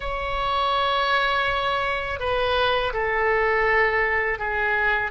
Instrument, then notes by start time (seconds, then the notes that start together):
oboe
0.00 C#5
2.20 B4
2.93 A4
4.38 G#4